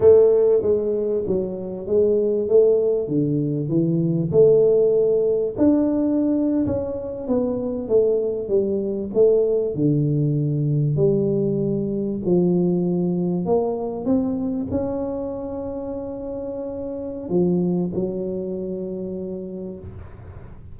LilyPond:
\new Staff \with { instrumentName = "tuba" } { \time 4/4 \tempo 4 = 97 a4 gis4 fis4 gis4 | a4 d4 e4 a4~ | a4 d'4.~ d'16 cis'4 b16~ | b8. a4 g4 a4 d16~ |
d4.~ d16 g2 f16~ | f4.~ f16 ais4 c'4 cis'16~ | cis'1 | f4 fis2. | }